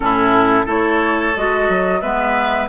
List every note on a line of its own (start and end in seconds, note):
0.00 0.66 A2
0.00 0.66 C#4
0.00 0.65 E4
0.00 0.67 A4
0.65 1.33 A3
0.65 1.33 E4
0.65 2.00 A4
0.65 1.37 C#5
1.36 1.69 G#3
1.36 2.02 F#4
1.36 2.01 D#5
1.69 2.01 F#3
2.01 2.68 G#3
2.01 2.68 B3
2.01 2.68 B4
2.01 2.68 E5